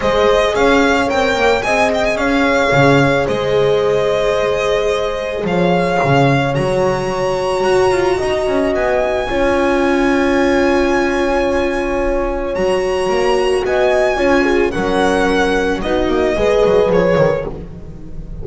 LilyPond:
<<
  \new Staff \with { instrumentName = "violin" } { \time 4/4 \tempo 4 = 110 dis''4 f''4 g''4 gis''8 g''16 gis''16 | f''2 dis''2~ | dis''2 f''2 | ais''1 |
gis''1~ | gis''2. ais''4~ | ais''4 gis''2 fis''4~ | fis''4 dis''2 cis''4 | }
  \new Staff \with { instrumentName = "horn" } { \time 4/4 c''4 cis''2 dis''4 | cis''2 c''2~ | c''2 cis''2~ | cis''2. dis''4~ |
dis''4 cis''2.~ | cis''1~ | cis''4 dis''4 cis''8 gis'8 ais'4~ | ais'4 fis'4 b'2 | }
  \new Staff \with { instrumentName = "viola" } { \time 4/4 gis'2 ais'4 gis'4~ | gis'1~ | gis'1 | fis'1~ |
fis'4 f'2.~ | f'2. fis'4~ | fis'2 f'4 cis'4~ | cis'4 dis'4 gis'2 | }
  \new Staff \with { instrumentName = "double bass" } { \time 4/4 gis4 cis'4 c'8 ais8 c'4 | cis'4 cis4 gis2~ | gis2 f4 cis4 | fis2 fis'8 f'8 dis'8 cis'8 |
b4 cis'2.~ | cis'2. fis4 | ais4 b4 cis'4 fis4~ | fis4 b8 ais8 gis8 fis8 f8 dis8 | }
>>